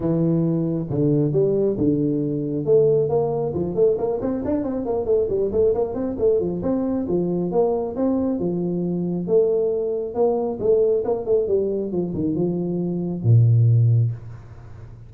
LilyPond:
\new Staff \with { instrumentName = "tuba" } { \time 4/4 \tempo 4 = 136 e2 d4 g4 | d2 a4 ais4 | f8 a8 ais8 c'8 d'8 c'8 ais8 a8 | g8 a8 ais8 c'8 a8 f8 c'4 |
f4 ais4 c'4 f4~ | f4 a2 ais4 | a4 ais8 a8 g4 f8 dis8 | f2 ais,2 | }